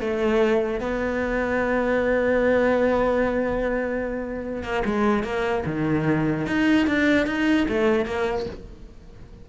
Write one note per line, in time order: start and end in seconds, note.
0.00 0.80 A3
0.80 4.63 B3
4.63 4.83 A#3
4.85 5.23 G#3
5.23 5.64 A#3
5.66 6.46 D#3
6.46 6.87 D#4
6.87 7.26 D4
7.26 7.67 D#4
7.69 8.05 A3
8.05 8.46 A#3